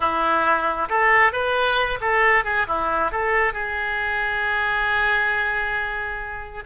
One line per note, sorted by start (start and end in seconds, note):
0.00 0.88 E4
0.89 1.32 A4
1.32 1.99 B4
2.00 2.44 A4
2.44 2.66 G#4
2.67 3.11 E4
3.11 3.53 A4
3.53 6.64 G#4